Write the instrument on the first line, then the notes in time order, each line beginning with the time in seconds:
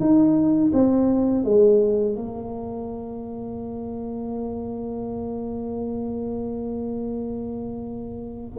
tuba
0.00 D#4
0.73 C4
1.44 G#3
2.15 A#3